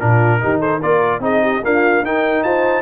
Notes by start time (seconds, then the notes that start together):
0.00 A#2 D4 F4 A#4
0.41 D#3 D#4 G4
0.60 A4 C5
0.80 A#3 F4 A#4 D5
1.20 C4 D#4 G#4 D#5
1.42 G4
1.64 A#3 D4 F4 F5
2.02 D#4 A#4 G5
2.44 F4 C5 A5